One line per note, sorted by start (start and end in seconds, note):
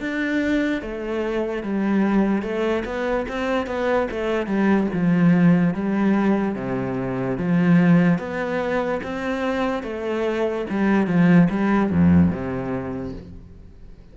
0.00 0.81 D4
0.81 1.63 A3
1.63 2.42 G3
2.42 2.83 A3
2.85 3.26 B3
3.28 3.66 C4
3.66 4.07 B3
4.11 4.46 A3
4.46 4.87 G3
4.93 5.74 F3
5.74 6.55 G3
6.55 7.37 C3
7.37 8.18 F3
8.18 9.00 B3
9.03 9.83 C4
9.83 10.65 A3
10.69 11.07 G3
11.07 11.48 F3
11.49 11.90 G3
11.90 12.30 F2
12.30 13.12 C3